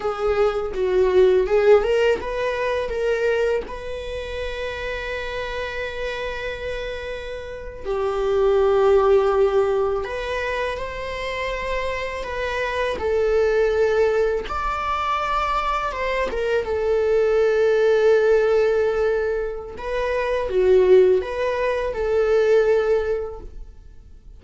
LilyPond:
\new Staff \with { instrumentName = "viola" } { \time 4/4 \tempo 4 = 82 gis'4 fis'4 gis'8 ais'8 b'4 | ais'4 b'2.~ | b'2~ b'8. g'4~ g'16~ | g'4.~ g'16 b'4 c''4~ c''16~ |
c''8. b'4 a'2 d''16~ | d''4.~ d''16 c''8 ais'8 a'4~ a'16~ | a'2. b'4 | fis'4 b'4 a'2 | }